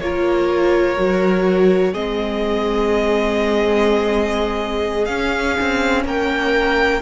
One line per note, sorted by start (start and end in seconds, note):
0.00 0.97 A#3
0.00 0.96 F4
0.00 1.93 A#4
0.00 1.94 C#5
0.96 1.94 F#3
0.96 1.93 F#4
1.93 5.08 G#3
1.93 5.07 C4
1.93 6.04 G#4
1.93 5.06 D#5
5.06 7.01 C#4
5.06 5.57 C#4
5.06 6.03 F5
5.61 6.05 C4
6.05 7.02 A#3
6.05 7.02 A#4
6.05 7.02 G5